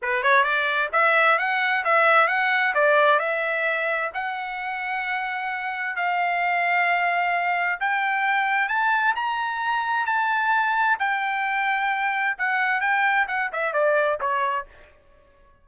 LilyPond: \new Staff \with { instrumentName = "trumpet" } { \time 4/4 \tempo 4 = 131 b'8 cis''8 d''4 e''4 fis''4 | e''4 fis''4 d''4 e''4~ | e''4 fis''2.~ | fis''4 f''2.~ |
f''4 g''2 a''4 | ais''2 a''2 | g''2. fis''4 | g''4 fis''8 e''8 d''4 cis''4 | }